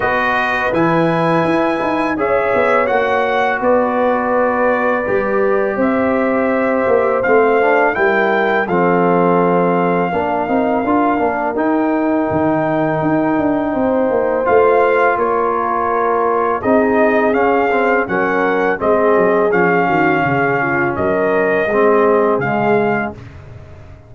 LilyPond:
<<
  \new Staff \with { instrumentName = "trumpet" } { \time 4/4 \tempo 4 = 83 dis''4 gis''2 e''4 | fis''4 d''2. | e''2 f''4 g''4 | f''1 |
g''1 | f''4 cis''2 dis''4 | f''4 fis''4 dis''4 f''4~ | f''4 dis''2 f''4 | }
  \new Staff \with { instrumentName = "horn" } { \time 4/4 b'2. cis''4~ | cis''4 b'2. | c''2. ais'4 | a'2 ais'2~ |
ais'2. c''4~ | c''4 ais'2 gis'4~ | gis'4 ais'4 gis'4. fis'8 | gis'8 f'8 ais'4 gis'2 | }
  \new Staff \with { instrumentName = "trombone" } { \time 4/4 fis'4 e'2 gis'4 | fis'2. g'4~ | g'2 c'8 d'8 e'4 | c'2 d'8 dis'8 f'8 d'8 |
dis'1 | f'2. dis'4 | cis'8 c'8 cis'4 c'4 cis'4~ | cis'2 c'4 gis4 | }
  \new Staff \with { instrumentName = "tuba" } { \time 4/4 b4 e4 e'8 dis'8 cis'8 b8 | ais4 b2 g4 | c'4. ais8 a4 g4 | f2 ais8 c'8 d'8 ais8 |
dis'4 dis4 dis'8 d'8 c'8 ais8 | a4 ais2 c'4 | cis'4 fis4 gis8 fis8 f8 dis8 | cis4 fis4 gis4 cis4 | }
>>